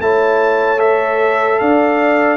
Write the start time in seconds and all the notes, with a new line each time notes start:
0.00 A3 E4 C#5 A5
0.78 A4 E5
1.60 D4 D5 F5